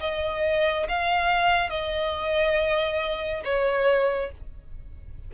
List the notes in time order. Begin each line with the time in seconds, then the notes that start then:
0.00 D#5
0.89 F5
1.70 D#5
3.44 C#5